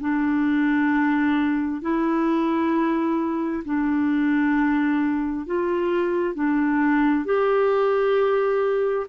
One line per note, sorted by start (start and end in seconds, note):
0.00 1.81 D4
1.81 3.63 E4
3.64 5.46 D4
5.46 6.34 F4
6.34 7.25 D4
7.25 9.07 G4